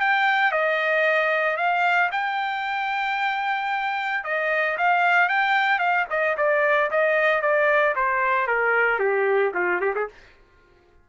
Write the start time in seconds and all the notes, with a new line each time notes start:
0.00 G5
0.51 D#5
1.57 F5
2.11 G5
4.24 D#5
4.77 F5
5.29 G5
5.78 F5
6.10 D#5
6.37 D5
6.91 D#5
7.41 D5
7.95 C5
8.47 A#4
8.99 G4
9.54 F4
9.81 G4
9.95 G#4